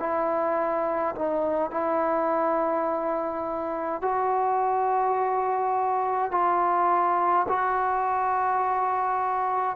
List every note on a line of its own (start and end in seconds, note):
0.00 1.15 E4
1.16 1.72 D#4
1.72 4.02 E4
4.02 6.31 F#4
6.31 7.47 F4
7.48 9.77 F#4